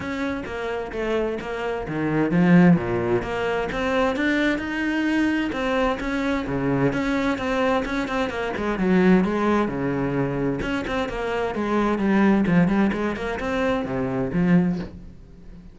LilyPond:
\new Staff \with { instrumentName = "cello" } { \time 4/4 \tempo 4 = 130 cis'4 ais4 a4 ais4 | dis4 f4 ais,4 ais4 | c'4 d'4 dis'2 | c'4 cis'4 cis4 cis'4 |
c'4 cis'8 c'8 ais8 gis8 fis4 | gis4 cis2 cis'8 c'8 | ais4 gis4 g4 f8 g8 | gis8 ais8 c'4 c4 f4 | }